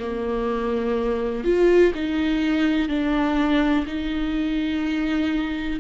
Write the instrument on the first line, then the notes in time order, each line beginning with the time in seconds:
viola
0.00 A#3
1.45 F4
1.95 D#4
2.89 D4
3.87 D#4